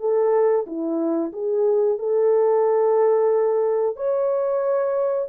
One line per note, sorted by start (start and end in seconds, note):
0.00 0.66 A4
0.66 1.32 E4
1.32 1.98 G#4
1.98 3.96 A4
3.96 5.28 C#5